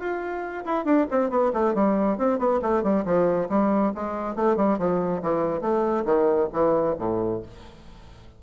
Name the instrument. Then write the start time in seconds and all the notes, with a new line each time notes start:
bassoon
0.00 F4
0.66 E4
0.85 D4
1.11 C4
1.30 B3
1.53 A3
1.75 G3
2.18 C4
2.39 B3
2.63 A3
2.83 G3
3.06 F3
3.50 G3
3.95 G#3
4.36 A3
4.57 G3
4.79 F3
5.23 E3
5.61 A3
6.06 D#3
6.53 E3
6.99 A2